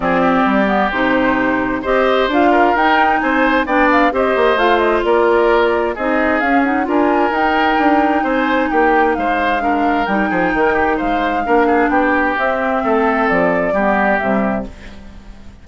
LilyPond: <<
  \new Staff \with { instrumentName = "flute" } { \time 4/4 \tempo 4 = 131 d''2 c''2 | dis''4 f''4 g''4 gis''4 | g''8 f''8 dis''4 f''8 dis''8 d''4~ | d''4 dis''4 f''8 fis''8 gis''4 |
g''2 gis''4 g''4 | f''2 g''2 | f''2 g''4 e''4~ | e''4 d''2 e''4 | }
  \new Staff \with { instrumentName = "oboe" } { \time 4/4 gis'8 g'2.~ g'8 | c''4. ais'4. c''4 | d''4 c''2 ais'4~ | ais'4 gis'2 ais'4~ |
ais'2 c''4 g'4 | c''4 ais'4. gis'8 ais'8 g'8 | c''4 ais'8 gis'8 g'2 | a'2 g'2 | }
  \new Staff \with { instrumentName = "clarinet" } { \time 4/4 c'4. b8 dis'2 | g'4 f'4 dis'2 | d'4 g'4 f'2~ | f'4 dis'4 cis'8 dis'8 f'4 |
dis'1~ | dis'4 d'4 dis'2~ | dis'4 d'2 c'4~ | c'2 b4 g4 | }
  \new Staff \with { instrumentName = "bassoon" } { \time 4/4 f4 g4 c2 | c'4 d'4 dis'4 c'4 | b4 c'8 ais8 a4 ais4~ | ais4 c'4 cis'4 d'4 |
dis'4 d'4 c'4 ais4 | gis2 g8 f8 dis4 | gis4 ais4 b4 c'4 | a4 f4 g4 c4 | }
>>